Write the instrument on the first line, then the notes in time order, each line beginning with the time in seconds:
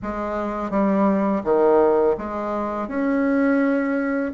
bassoon
0.02 G#3
0.70 G3
1.44 D#3
2.17 G#3
2.88 C#4